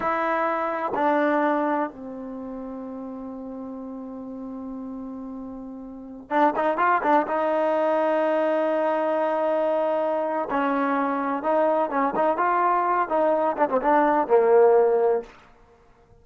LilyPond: \new Staff \with { instrumentName = "trombone" } { \time 4/4 \tempo 4 = 126 e'2 d'2 | c'1~ | c'1~ | c'4~ c'16 d'8 dis'8 f'8 d'8 dis'8.~ |
dis'1~ | dis'2 cis'2 | dis'4 cis'8 dis'8 f'4. dis'8~ | dis'8 d'16 c'16 d'4 ais2 | }